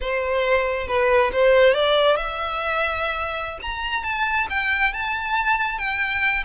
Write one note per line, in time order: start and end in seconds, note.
0.00 0.87 C5
0.87 1.31 B4
1.32 1.74 C5
1.74 2.16 D5
2.16 3.59 E5
3.61 4.03 A#5
4.03 4.47 A5
4.49 4.93 G5
4.93 5.78 A5
5.78 6.44 G5